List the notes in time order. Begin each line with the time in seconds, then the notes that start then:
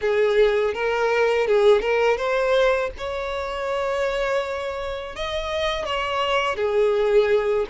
0.01 G#4
0.74 A#4
1.47 G#4
1.81 A#4
2.17 C5
2.97 C#5
5.15 D#5
5.85 C#5
6.56 G#4